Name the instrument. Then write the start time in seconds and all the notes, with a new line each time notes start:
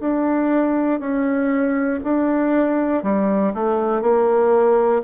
bassoon
0.00 D4
1.00 C#4
2.04 D4
3.03 G3
3.54 A3
4.02 A#3